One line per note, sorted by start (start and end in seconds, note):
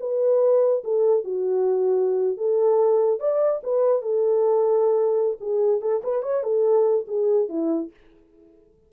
0.00 0.83 B4
0.84 1.24 A4
1.24 2.37 F#4
2.37 3.19 A4
3.19 3.61 D5
3.63 4.02 B4
4.02 5.37 A4
5.40 5.81 G#4
5.81 6.02 A4
6.04 6.22 B4
6.22 6.43 C#5
6.43 7.05 A4
7.08 7.49 G#4
7.49 7.90 E4